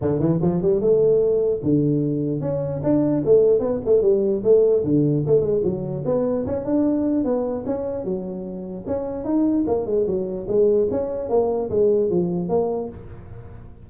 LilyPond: \new Staff \with { instrumentName = "tuba" } { \time 4/4 \tempo 4 = 149 d8 e8 f8 g8 a2 | d2 cis'4 d'4 | a4 b8 a8 g4 a4 | d4 a8 gis8 fis4 b4 |
cis'8 d'4. b4 cis'4 | fis2 cis'4 dis'4 | ais8 gis8 fis4 gis4 cis'4 | ais4 gis4 f4 ais4 | }